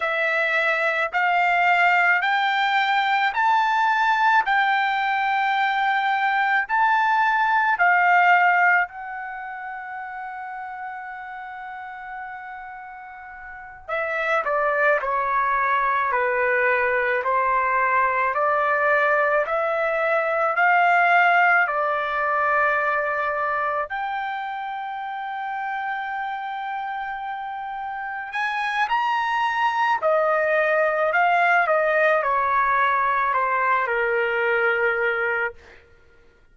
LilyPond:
\new Staff \with { instrumentName = "trumpet" } { \time 4/4 \tempo 4 = 54 e''4 f''4 g''4 a''4 | g''2 a''4 f''4 | fis''1~ | fis''8 e''8 d''8 cis''4 b'4 c''8~ |
c''8 d''4 e''4 f''4 d''8~ | d''4. g''2~ g''8~ | g''4. gis''8 ais''4 dis''4 | f''8 dis''8 cis''4 c''8 ais'4. | }